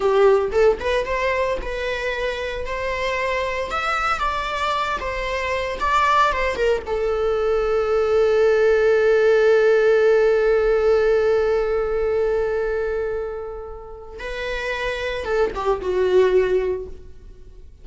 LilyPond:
\new Staff \with { instrumentName = "viola" } { \time 4/4 \tempo 4 = 114 g'4 a'8 b'8 c''4 b'4~ | b'4 c''2 e''4 | d''4. c''4. d''4 | c''8 ais'8 a'2.~ |
a'1~ | a'1~ | a'2. b'4~ | b'4 a'8 g'8 fis'2 | }